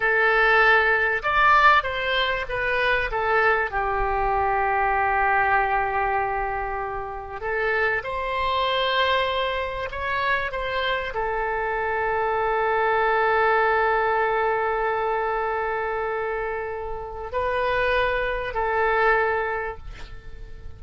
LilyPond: \new Staff \with { instrumentName = "oboe" } { \time 4/4 \tempo 4 = 97 a'2 d''4 c''4 | b'4 a'4 g'2~ | g'1 | a'4 c''2. |
cis''4 c''4 a'2~ | a'1~ | a'1 | b'2 a'2 | }